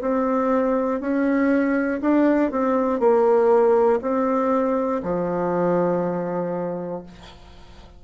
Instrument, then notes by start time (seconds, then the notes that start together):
bassoon
0.00 C4
1.00 C#4
2.01 D4
2.51 C4
2.99 A#3
4.01 C4
5.02 F3